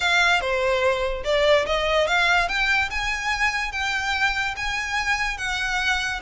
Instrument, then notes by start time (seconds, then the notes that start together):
violin
0.00 F5
0.40 C5
1.24 D5
1.66 D#5
2.07 F5
2.48 G5
2.90 G#5
3.72 G5
4.56 G#5
5.37 F#5